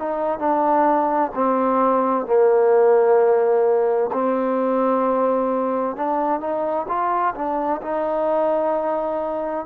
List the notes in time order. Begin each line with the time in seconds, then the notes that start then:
0.00 D#4
0.40 D4
1.35 C4
2.27 A#3
4.13 C4
5.97 D4
6.41 D#4
6.89 F4
7.36 D4
7.83 D#4